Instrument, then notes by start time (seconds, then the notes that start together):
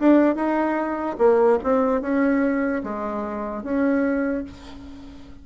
bassoon
0.00 D4
0.36 D#4
1.19 A#3
1.64 C4
2.02 C#4
2.84 G#3
3.64 C#4